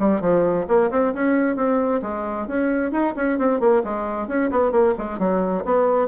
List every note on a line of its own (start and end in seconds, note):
0.00 0.21 G3
0.21 0.66 F3
0.68 0.91 A#3
0.91 1.14 C4
1.14 1.57 C#4
1.57 2.02 C4
2.02 2.48 G#3
2.48 2.92 C#4
2.92 3.15 D#4
3.16 3.39 C#4
3.39 3.60 C4
3.60 3.83 A#3
3.85 4.28 G#3
4.28 4.51 C#4
4.51 4.72 B3
4.72 4.95 A#3
4.98 5.19 G#3
5.19 5.64 F#3
5.65 6.09 B3